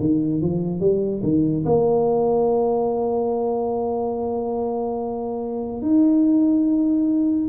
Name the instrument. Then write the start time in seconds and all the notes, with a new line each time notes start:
tuba
0.00 D#3
0.42 F3
0.80 G3
1.23 D#3
1.66 A#3
5.82 D#4